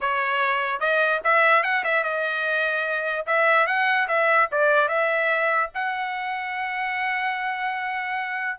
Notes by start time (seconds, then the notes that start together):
0.00 C#5
0.80 D#5
1.24 E5
1.63 F#5
1.83 E5
2.03 D#5
3.26 E5
3.66 F#5
4.08 E5
4.51 D5
4.88 E5
5.74 F#5